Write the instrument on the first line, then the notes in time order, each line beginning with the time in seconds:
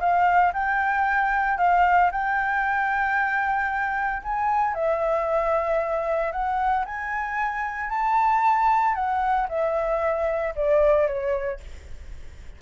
flute
0.00 F5
0.54 G5
1.58 F5
2.12 G5
4.23 G#5
4.75 E5
6.32 F#5
6.85 G#5
7.90 A5
8.95 F#5
9.49 E5
10.56 D5
11.07 C#5